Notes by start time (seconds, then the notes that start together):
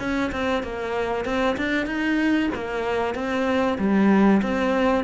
0.00 C#4
0.32 C4
0.63 A#3
1.25 C4
1.58 D4
1.87 D#4
2.55 A#3
3.15 C4
3.79 G3
4.43 C4